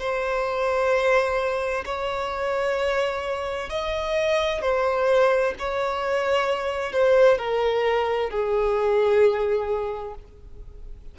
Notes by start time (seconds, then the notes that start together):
0.00 C5
1.85 C#5
3.70 D#5
4.62 C5
5.59 C#5
6.93 C5
7.38 A#4
8.30 G#4